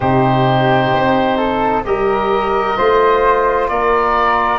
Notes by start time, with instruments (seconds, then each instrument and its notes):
0.00 tuba C3, trombone D#4, flute G4, oboe C5
0.93 tuba C4
1.37 flute A4
1.84 tuba G3, trombone G4, flute A#4, oboe D#5
2.76 tuba A3, trombone F4, flute C5
3.68 tuba A#3, flute A#4, oboe D5